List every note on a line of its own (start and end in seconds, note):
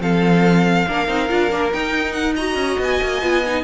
0.00 0.86 F3
0.00 0.86 C4
0.00 0.87 A4
0.00 1.73 F5
0.87 1.08 A#3
0.87 1.07 D4
0.87 2.35 A#4
1.07 1.29 C4
1.07 1.28 D#4
1.28 1.52 D4
1.28 1.50 F4
1.50 1.73 A#3
1.50 1.72 D4
1.72 2.36 D#4
1.72 2.55 D#4
1.72 2.12 G5
2.12 2.34 F#5
2.35 3.21 F#4
2.35 3.63 D#5
2.35 2.79 A#5
2.55 2.77 C#4
2.79 3.00 B3
2.79 3.64 G#5
3.02 3.22 A#3
3.21 3.64 B3
3.21 3.43 F4
3.47 3.64 D#4